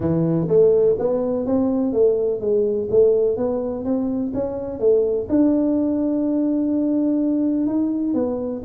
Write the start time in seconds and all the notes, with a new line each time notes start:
0.00 E3
0.47 A3
0.98 B3
1.46 C4
1.92 A3
2.40 G#3
2.90 A3
3.36 B3
3.84 C4
4.33 C#4
4.79 A3
5.29 D4
7.66 D#4
8.14 B3